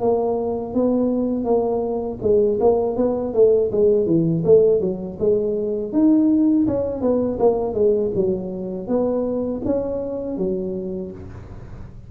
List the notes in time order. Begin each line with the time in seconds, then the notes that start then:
0.00 A#3
0.74 B3
1.45 A#3
2.23 G#3
2.60 A#3
2.97 B3
3.34 A3
3.72 G#3
4.06 E3
4.45 A3
4.81 F#3
5.20 G#3
5.93 D#4
6.67 C#4
7.02 B3
7.39 A#3
7.74 G#3
8.15 F#3
8.88 B3
9.65 C#4
10.37 F#3